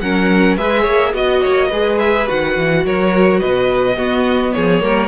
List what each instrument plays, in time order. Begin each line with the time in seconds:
0.00 cello F#3, viola C#4, violin A#4 F#5
0.57 cello G#3, viola G#4, violin B4 E5
0.82 cello A#3, violin C#5
1.14 cello B3, viola F#4, violin D#5
1.42 cello A#3, violin C#5
1.67 cello G#3, viola G#4, violin B4
1.99 violin E5
2.27 cello D#3, viola F#4, violin F#5
2.57 cello E3
2.85 cello F#3, violin A#4 C#5
3.40 cello B2, violin B4 D#5
3.96 cello B3, viola B3, violin F#4
4.53 cello F3, violin G#4 C#5
4.81 cello G3, viola A#3, violin A#4